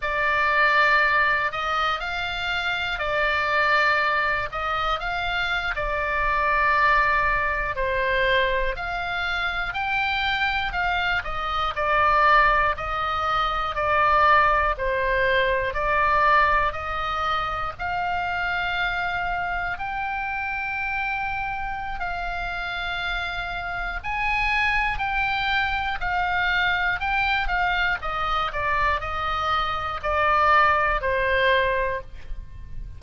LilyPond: \new Staff \with { instrumentName = "oboe" } { \time 4/4 \tempo 4 = 60 d''4. dis''8 f''4 d''4~ | d''8 dis''8 f''8. d''2 c''16~ | c''8. f''4 g''4 f''8 dis''8 d''16~ | d''8. dis''4 d''4 c''4 d''16~ |
d''8. dis''4 f''2 g''16~ | g''2 f''2 | gis''4 g''4 f''4 g''8 f''8 | dis''8 d''8 dis''4 d''4 c''4 | }